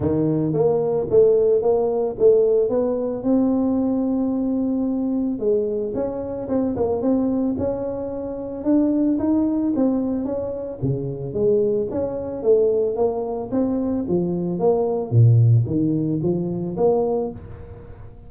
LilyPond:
\new Staff \with { instrumentName = "tuba" } { \time 4/4 \tempo 4 = 111 dis4 ais4 a4 ais4 | a4 b4 c'2~ | c'2 gis4 cis'4 | c'8 ais8 c'4 cis'2 |
d'4 dis'4 c'4 cis'4 | cis4 gis4 cis'4 a4 | ais4 c'4 f4 ais4 | ais,4 dis4 f4 ais4 | }